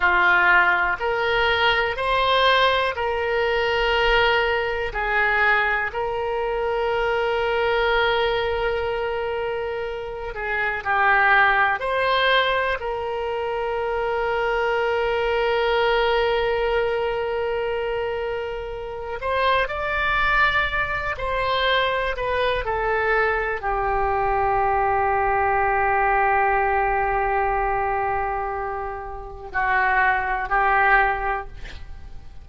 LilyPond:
\new Staff \with { instrumentName = "oboe" } { \time 4/4 \tempo 4 = 61 f'4 ais'4 c''4 ais'4~ | ais'4 gis'4 ais'2~ | ais'2~ ais'8 gis'8 g'4 | c''4 ais'2.~ |
ais'2.~ ais'8 c''8 | d''4. c''4 b'8 a'4 | g'1~ | g'2 fis'4 g'4 | }